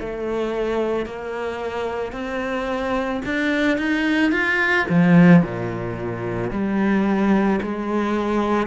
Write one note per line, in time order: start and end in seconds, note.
0.00 1.06 A3
1.06 2.12 A#3
2.12 3.21 C4
3.26 3.78 D4
3.78 4.32 D#4
4.32 4.86 F4
4.89 5.43 F3
5.43 6.51 A#2
6.51 7.60 G3
7.63 8.67 G#3